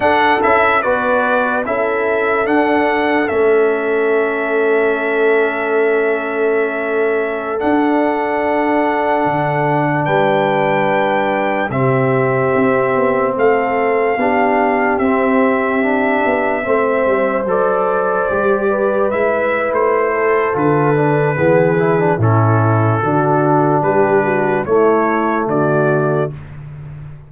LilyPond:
<<
  \new Staff \with { instrumentName = "trumpet" } { \time 4/4 \tempo 4 = 73 fis''8 e''8 d''4 e''4 fis''4 | e''1~ | e''4~ e''16 fis''2~ fis''8.~ | fis''16 g''2 e''4.~ e''16~ |
e''16 f''2 e''4.~ e''16~ | e''4~ e''16 d''2 e''8. | c''4 b'2 a'4~ | a'4 b'4 cis''4 d''4 | }
  \new Staff \with { instrumentName = "horn" } { \time 4/4 a'4 b'4 a'2~ | a'1~ | a'1~ | a'16 b'2 g'4.~ g'16~ |
g'16 a'4 g'2~ g'8.~ | g'16 c''2~ c''8 b'4~ b'16~ | b'8 a'4. gis'4 e'4 | fis'4 g'8 fis'8 e'4 fis'4 | }
  \new Staff \with { instrumentName = "trombone" } { \time 4/4 d'8 e'8 fis'4 e'4 d'4 | cis'1~ | cis'4~ cis'16 d'2~ d'8.~ | d'2~ d'16 c'4.~ c'16~ |
c'4~ c'16 d'4 c'4 d'8.~ | d'16 c'4 a'4 g'4 e'8.~ | e'4 f'8 d'8 b8 e'16 d'16 cis'4 | d'2 a2 | }
  \new Staff \with { instrumentName = "tuba" } { \time 4/4 d'8 cis'8 b4 cis'4 d'4 | a1~ | a4~ a16 d'2 d8.~ | d16 g2 c4 c'8 b16~ |
b16 a4 b4 c'4. b16~ | b16 a8 g8 fis4 g4 gis8. | a4 d4 e4 a,4 | d4 g4 a4 d4 | }
>>